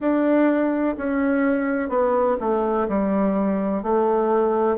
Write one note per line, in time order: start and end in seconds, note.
0.00 0.96 D4
0.97 1.89 C#4
1.89 2.36 B3
2.39 2.87 A3
2.88 3.82 G3
3.82 4.77 A3